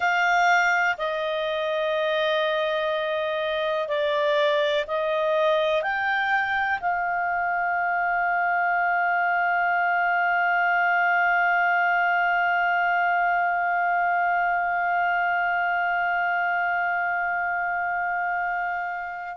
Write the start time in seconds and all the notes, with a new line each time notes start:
0.00 F5
0.97 D#5
3.88 D5
4.87 D#5
5.82 G5
6.80 F5